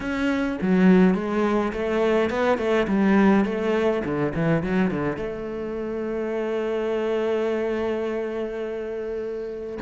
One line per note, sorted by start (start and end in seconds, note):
0.00 0.58 C#4
0.61 1.14 F#3
1.14 1.72 G#3
1.72 2.30 A3
2.30 2.58 B3
2.58 2.87 A3
2.87 3.45 G3
3.45 4.02 A3
4.04 4.33 D3
4.34 4.63 E3
4.63 4.90 F#3
4.90 5.17 D3
5.17 9.78 A3